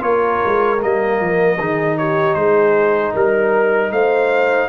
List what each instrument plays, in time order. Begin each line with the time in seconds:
0.00 tuba A#3, trombone F4, horn A#4, trumpet C#5
0.45 tuba G#3
0.80 tuba G3, trombone A#3, trumpet D#5
1.20 tuba F3
1.58 tuba D#3, trombone D#4, horn G#4
1.98 horn G4, trumpet C#5
2.34 tuba G#3, horn G#4, trumpet C5
3.13 tuba G3, horn A#4, trumpet A#4
3.91 tuba A3, horn C5, trumpet F5